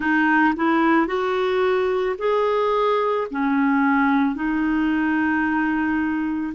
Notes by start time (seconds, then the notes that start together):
0.00 D#4
0.56 E4
1.07 F#4
2.18 G#4
3.30 C#4
4.35 D#4